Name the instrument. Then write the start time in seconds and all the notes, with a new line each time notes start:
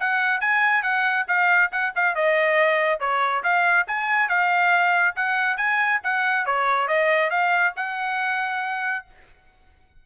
trumpet
0.00 F#5
0.41 G#5
0.82 F#5
1.28 F5
1.72 F#5
1.96 F5
2.15 D#5
3.00 C#5
3.44 F5
3.88 G#5
4.29 F5
5.16 F#5
5.57 G#5
6.04 F#5
6.46 C#5
6.88 D#5
7.30 F5
7.76 F#5